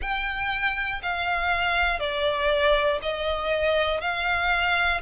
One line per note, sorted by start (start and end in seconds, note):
0.01 1.01 G5
1.02 1.99 F5
1.99 2.99 D5
3.02 4.00 D#5
4.00 5.00 F5